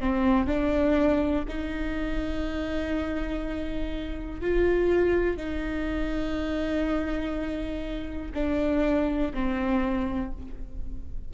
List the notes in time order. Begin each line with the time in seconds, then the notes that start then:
0.00 C4
0.47 D4
1.48 D#4
4.41 F4
5.37 D#4
8.34 D4
9.34 C4